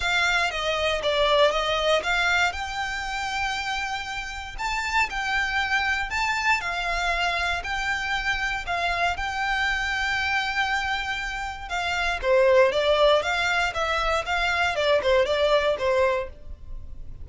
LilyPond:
\new Staff \with { instrumentName = "violin" } { \time 4/4 \tempo 4 = 118 f''4 dis''4 d''4 dis''4 | f''4 g''2.~ | g''4 a''4 g''2 | a''4 f''2 g''4~ |
g''4 f''4 g''2~ | g''2. f''4 | c''4 d''4 f''4 e''4 | f''4 d''8 c''8 d''4 c''4 | }